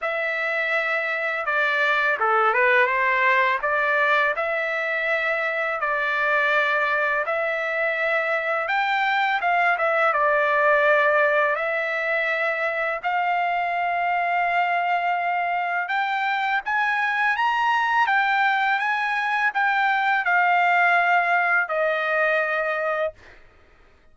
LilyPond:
\new Staff \with { instrumentName = "trumpet" } { \time 4/4 \tempo 4 = 83 e''2 d''4 a'8 b'8 | c''4 d''4 e''2 | d''2 e''2 | g''4 f''8 e''8 d''2 |
e''2 f''2~ | f''2 g''4 gis''4 | ais''4 g''4 gis''4 g''4 | f''2 dis''2 | }